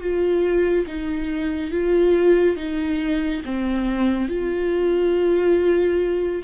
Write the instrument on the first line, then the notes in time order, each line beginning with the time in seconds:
viola
0.00 F4
0.86 D#4
1.71 F4
2.56 D#4
3.45 C4
4.28 F4